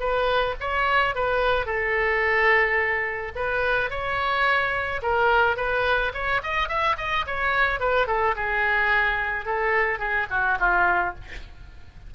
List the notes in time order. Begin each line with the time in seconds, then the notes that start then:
0.00 B4
0.61 C#5
1.16 B4
1.66 A4
3.36 B4
3.91 C#5
5.03 A#4
5.57 B4
6.14 C#5
6.43 D#5
6.69 E5
6.98 D#5
7.27 C#5
7.80 B4
8.08 A4
8.36 G#4
9.46 A4
9.99 G#4
10.31 F#4
10.60 F4